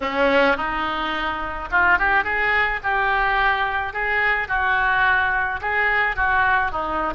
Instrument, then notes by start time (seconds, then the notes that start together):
oboe
0.01 C#4
0.56 D#4
1.71 F4
1.98 G4
2.24 G#4
2.83 G4
3.93 G#4
4.48 F#4
5.61 G#4
6.16 F#4
6.71 D#4